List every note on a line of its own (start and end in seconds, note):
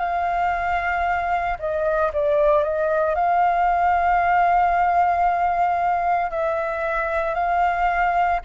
0.00 1.58 F5
1.59 2.12 D#5
2.13 2.64 D5
2.64 3.15 D#5
3.15 6.31 F5
6.31 7.35 E5
7.35 8.40 F5